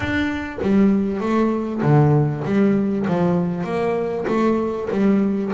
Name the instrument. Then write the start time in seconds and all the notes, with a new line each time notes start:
double bass
0.00 D4
0.61 G3
1.20 A3
1.82 D3
2.44 G3
3.08 F3
3.64 A#3
4.27 A3
4.90 G3